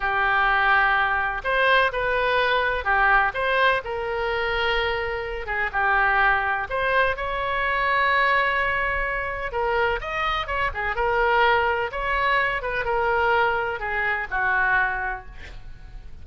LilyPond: \new Staff \with { instrumentName = "oboe" } { \time 4/4 \tempo 4 = 126 g'2. c''4 | b'2 g'4 c''4 | ais'2.~ ais'8 gis'8 | g'2 c''4 cis''4~ |
cis''1 | ais'4 dis''4 cis''8 gis'8 ais'4~ | ais'4 cis''4. b'8 ais'4~ | ais'4 gis'4 fis'2 | }